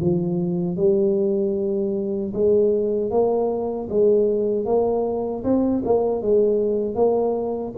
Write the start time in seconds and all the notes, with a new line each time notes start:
0.00 F3
0.76 G3
2.33 G#3
3.10 A#3
3.89 G#3
4.65 A#3
5.43 C4
5.84 A#3
6.22 G#3
6.95 A#3